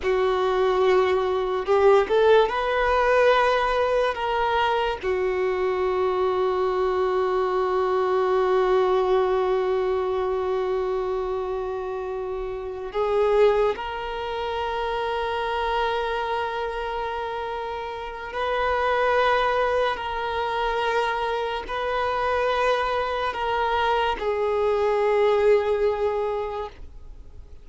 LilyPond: \new Staff \with { instrumentName = "violin" } { \time 4/4 \tempo 4 = 72 fis'2 g'8 a'8 b'4~ | b'4 ais'4 fis'2~ | fis'1~ | fis'2.~ fis'8 gis'8~ |
gis'8 ais'2.~ ais'8~ | ais'2 b'2 | ais'2 b'2 | ais'4 gis'2. | }